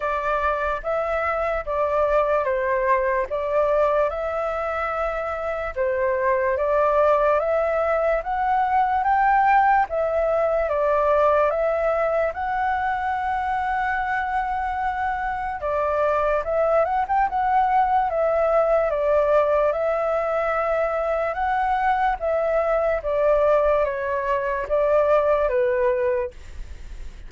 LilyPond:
\new Staff \with { instrumentName = "flute" } { \time 4/4 \tempo 4 = 73 d''4 e''4 d''4 c''4 | d''4 e''2 c''4 | d''4 e''4 fis''4 g''4 | e''4 d''4 e''4 fis''4~ |
fis''2. d''4 | e''8 fis''16 g''16 fis''4 e''4 d''4 | e''2 fis''4 e''4 | d''4 cis''4 d''4 b'4 | }